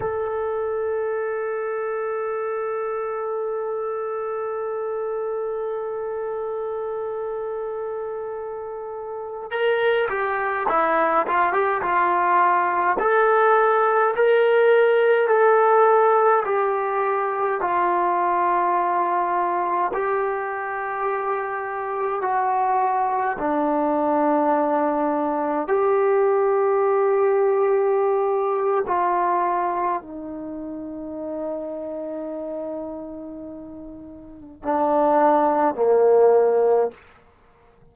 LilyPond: \new Staff \with { instrumentName = "trombone" } { \time 4/4 \tempo 4 = 52 a'1~ | a'1~ | a'16 ais'8 g'8 e'8 f'16 g'16 f'4 a'8.~ | a'16 ais'4 a'4 g'4 f'8.~ |
f'4~ f'16 g'2 fis'8.~ | fis'16 d'2 g'4.~ g'16~ | g'4 f'4 dis'2~ | dis'2 d'4 ais4 | }